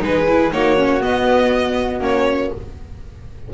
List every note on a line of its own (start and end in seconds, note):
0.00 0.52 G#3
0.00 0.25 D#4
0.00 0.52 G#4
0.00 0.53 B4
0.28 0.52 E4
0.52 1.03 A#3
0.52 0.77 D#4
0.52 2.54 F#4
0.52 1.02 C#5
0.77 1.01 C#4
1.01 2.01 B3
1.01 2.03 D#5
2.01 2.51 A#3
2.01 2.51 C#4
2.01 2.54 C#5